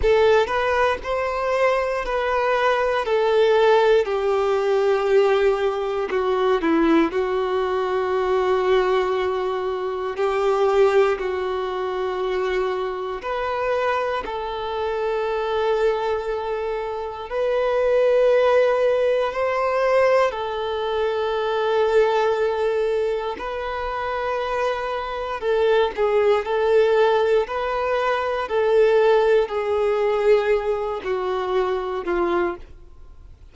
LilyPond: \new Staff \with { instrumentName = "violin" } { \time 4/4 \tempo 4 = 59 a'8 b'8 c''4 b'4 a'4 | g'2 fis'8 e'8 fis'4~ | fis'2 g'4 fis'4~ | fis'4 b'4 a'2~ |
a'4 b'2 c''4 | a'2. b'4~ | b'4 a'8 gis'8 a'4 b'4 | a'4 gis'4. fis'4 f'8 | }